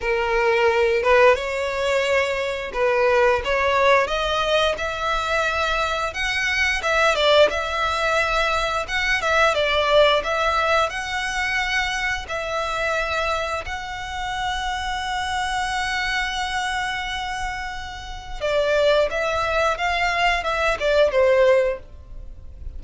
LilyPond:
\new Staff \with { instrumentName = "violin" } { \time 4/4 \tempo 4 = 88 ais'4. b'8 cis''2 | b'4 cis''4 dis''4 e''4~ | e''4 fis''4 e''8 d''8 e''4~ | e''4 fis''8 e''8 d''4 e''4 |
fis''2 e''2 | fis''1~ | fis''2. d''4 | e''4 f''4 e''8 d''8 c''4 | }